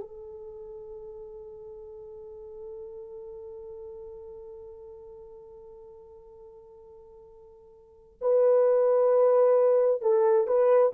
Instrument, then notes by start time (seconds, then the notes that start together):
horn
0.00 A4
8.21 B4
10.01 A4
10.47 B4